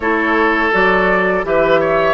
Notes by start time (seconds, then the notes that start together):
0.00 A3 E4 A4 C#5
0.72 F#3 F#4 D5
1.44 E3 G4 B4 E5
1.80 C#5